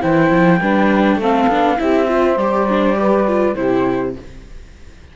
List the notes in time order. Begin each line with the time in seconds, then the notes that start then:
0.00 E3 E4 C5 G5
0.31 F3
0.60 G3 D4 B4
1.16 A3 C4 A4
1.22 F5
1.48 B3 D4
1.76 C4 E4 G4 E5
2.08 F4 C5
2.36 G3 G4 D5
2.69 D4
2.96 G4 B4
3.27 F4
3.55 C3 E4 G4 C5